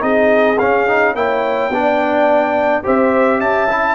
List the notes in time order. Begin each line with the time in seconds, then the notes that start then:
0.00 C4 D#4 G#4 D#5
0.59 C#4 F5
0.88 D#4
1.15 A#3 E4 C#5 G5
1.70 B3 D4 D5
2.84 C4 G4 C5 E5
3.39 C#4 E5 A5
3.70 E4